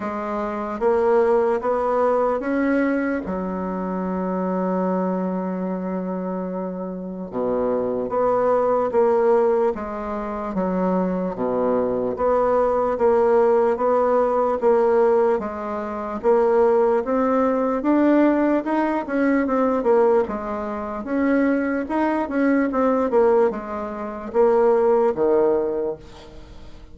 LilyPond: \new Staff \with { instrumentName = "bassoon" } { \time 4/4 \tempo 4 = 74 gis4 ais4 b4 cis'4 | fis1~ | fis4 b,4 b4 ais4 | gis4 fis4 b,4 b4 |
ais4 b4 ais4 gis4 | ais4 c'4 d'4 dis'8 cis'8 | c'8 ais8 gis4 cis'4 dis'8 cis'8 | c'8 ais8 gis4 ais4 dis4 | }